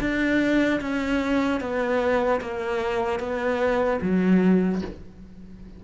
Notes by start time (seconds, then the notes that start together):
0.00 D4
0.80 C#4
1.60 B3
2.40 A#3
3.19 B3
4.01 F#3